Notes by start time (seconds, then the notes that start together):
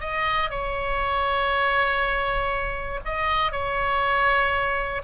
0.00 D#5
0.50 C#5
3.05 D#5
3.51 C#5